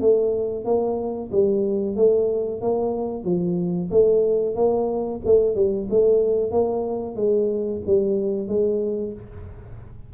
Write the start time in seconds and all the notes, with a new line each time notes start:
0.00 A3
0.65 A#3
1.31 G3
1.96 A3
2.61 A#3
3.24 F3
3.90 A3
4.55 A#3
5.25 A3
5.55 G3
5.90 A3
6.51 A#3
7.16 G#3
7.86 G3
8.48 G#3